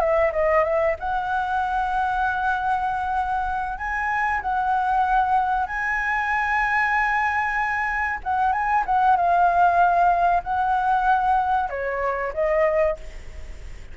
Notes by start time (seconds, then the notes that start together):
0.00 E5
0.33 D#5
0.64 E5
1.00 F#5
3.78 G#5
4.42 F#5
5.67 G#5
8.24 F#5
8.52 G#5
8.86 F#5
9.17 F5
10.44 F#5
11.70 C#5
12.34 D#5